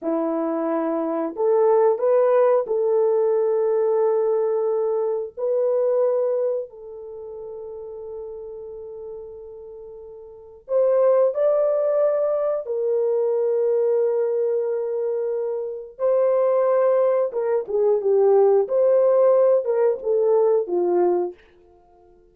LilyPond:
\new Staff \with { instrumentName = "horn" } { \time 4/4 \tempo 4 = 90 e'2 a'4 b'4 | a'1 | b'2 a'2~ | a'1 |
c''4 d''2 ais'4~ | ais'1 | c''2 ais'8 gis'8 g'4 | c''4. ais'8 a'4 f'4 | }